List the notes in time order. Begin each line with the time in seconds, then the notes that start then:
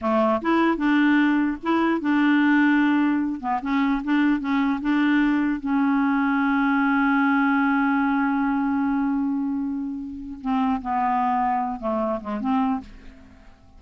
0.01 A3
0.41 E4
0.77 D4
1.62 E4
2.01 D4
3.40 B3
3.62 C#4
4.04 D4
4.40 C#4
4.81 D4
5.60 C#4
10.41 C4
10.81 B3
11.80 A3
12.20 G#3
12.40 C4